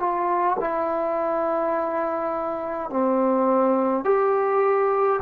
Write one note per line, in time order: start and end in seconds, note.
0.00 0.58 F4
0.60 2.90 E4
2.90 4.05 C4
4.05 5.20 G4